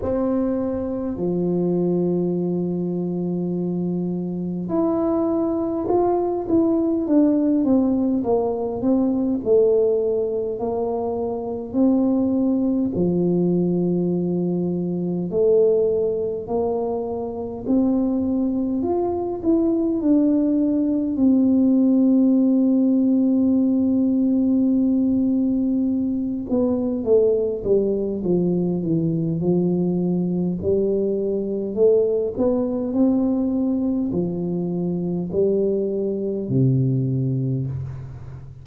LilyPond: \new Staff \with { instrumentName = "tuba" } { \time 4/4 \tempo 4 = 51 c'4 f2. | e'4 f'8 e'8 d'8 c'8 ais8 c'8 | a4 ais4 c'4 f4~ | f4 a4 ais4 c'4 |
f'8 e'8 d'4 c'2~ | c'2~ c'8 b8 a8 g8 | f8 e8 f4 g4 a8 b8 | c'4 f4 g4 c4 | }